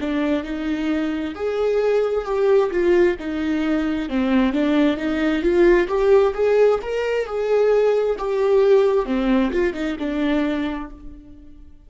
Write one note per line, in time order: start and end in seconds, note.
0.00 0.43 D4
0.43 1.34 D#4
1.35 2.25 G#4
2.25 2.70 G4
2.71 3.17 F4
3.19 4.09 D#4
4.09 4.52 C4
4.52 4.97 D4
4.97 5.42 D#4
5.42 5.88 F4
5.88 6.33 G4
6.34 6.79 G#4
6.82 7.26 A#4
7.26 8.17 G#4
8.18 9.05 G4
9.05 9.51 C4
9.51 9.74 F4
9.74 9.96 D#4
9.99 10.90 D4